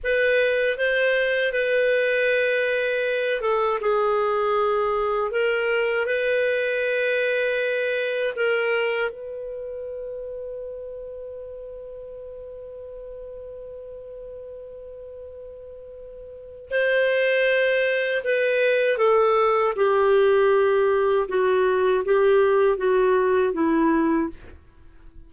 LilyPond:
\new Staff \with { instrumentName = "clarinet" } { \time 4/4 \tempo 4 = 79 b'4 c''4 b'2~ | b'8 a'8 gis'2 ais'4 | b'2. ais'4 | b'1~ |
b'1~ | b'2 c''2 | b'4 a'4 g'2 | fis'4 g'4 fis'4 e'4 | }